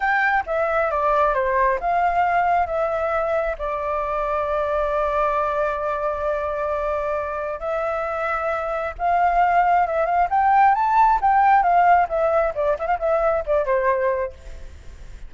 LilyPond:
\new Staff \with { instrumentName = "flute" } { \time 4/4 \tempo 4 = 134 g''4 e''4 d''4 c''4 | f''2 e''2 | d''1~ | d''1~ |
d''4 e''2. | f''2 e''8 f''8 g''4 | a''4 g''4 f''4 e''4 | d''8 e''16 f''16 e''4 d''8 c''4. | }